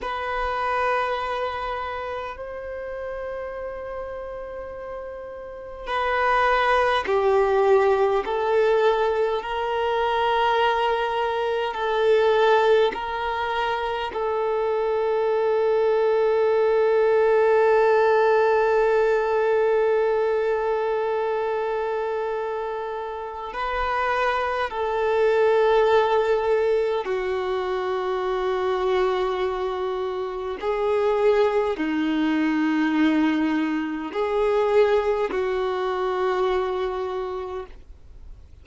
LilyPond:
\new Staff \with { instrumentName = "violin" } { \time 4/4 \tempo 4 = 51 b'2 c''2~ | c''4 b'4 g'4 a'4 | ais'2 a'4 ais'4 | a'1~ |
a'1 | b'4 a'2 fis'4~ | fis'2 gis'4 dis'4~ | dis'4 gis'4 fis'2 | }